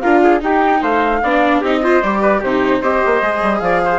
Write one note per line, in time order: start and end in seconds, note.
0.00 0.42 D4
0.00 0.39 F4
0.00 0.22 A#4
0.00 0.40 F5
0.24 0.44 G#4
0.39 1.19 D#4
0.39 0.82 D#4
0.39 0.81 G4
0.39 0.83 G5
0.81 1.22 A3
0.81 1.21 C5
0.81 1.63 F5
1.23 1.62 B3
1.23 1.64 D4
1.23 1.60 D5
1.60 2.02 C4
1.60 1.83 D#4
1.60 1.80 G4
1.60 2.02 D#5
1.83 2.03 F4
1.83 2.21 C5
2.02 2.42 G3
2.02 2.44 G4
2.02 2.42 D5
2.21 2.40 B4
2.40 2.82 C3
2.40 2.83 D#4
2.40 2.80 G4
2.40 2.82 C5
2.82 3.02 C4
2.82 3.22 G4
2.82 3.62 C5
2.82 3.60 D#5
3.06 3.22 A#3
3.22 3.42 G#3
3.22 3.99 G#4
3.42 3.61 G3
3.60 3.99 F3
3.60 3.84 D5
3.60 3.99 F5
3.85 3.99 C5